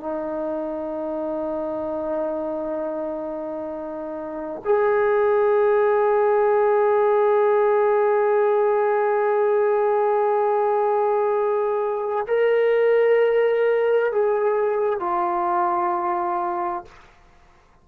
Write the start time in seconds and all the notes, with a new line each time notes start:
0.00 D#4
4.64 G#4
12.27 A#4
14.12 G#4
15.00 F4